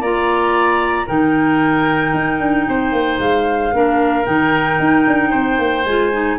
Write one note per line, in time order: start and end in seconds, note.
0.00 1.06 A#3
0.00 1.06 F4
0.00 1.06 D5
0.00 1.08 A#5
1.06 2.13 D#3
1.06 3.72 D#4
1.06 2.65 A#4
1.06 3.19 G5
2.13 2.39 D#4
2.39 2.66 D4
2.68 2.92 C4
2.68 3.74 C5
2.92 3.18 A#3
3.19 3.72 G#3
3.19 4.25 F5
3.72 4.26 A#3
3.72 4.24 D4
3.72 5.30 A#4
4.24 4.79 D#3
4.24 5.83 D#4
4.24 5.84 G5
4.79 5.06 D#4
5.07 5.33 D4
5.30 5.58 C4
5.30 6.36 C5
5.58 5.84 A#3
5.84 6.37 G#3
5.84 6.12 F4
5.84 6.37 G#5
6.12 6.38 D#4